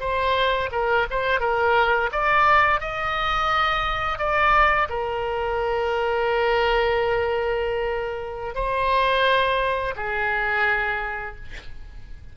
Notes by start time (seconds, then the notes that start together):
0.00 C5
0.71 A#4
1.11 C5
1.40 A#4
2.12 D5
2.81 D#5
4.18 D5
4.89 A#4
8.55 C5
9.96 G#4